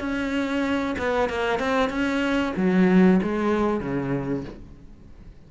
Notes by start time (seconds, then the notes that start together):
0.00 C#4
0.98 B3
1.29 A#3
1.59 C4
1.90 C#4
2.56 F#3
3.23 G#3
3.81 C#3